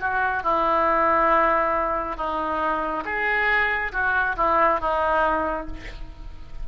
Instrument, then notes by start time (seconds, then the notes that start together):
oboe
0.00 F#4
0.43 E4
2.17 D#4
3.05 G#4
3.92 F#4
4.37 E4
4.80 D#4